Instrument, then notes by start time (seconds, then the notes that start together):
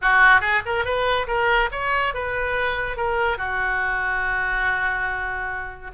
oboe
0.01 F#4
0.40 G#4
0.65 A#4
0.84 B4
1.27 A#4
1.71 C#5
2.14 B4
2.96 A#4
3.37 F#4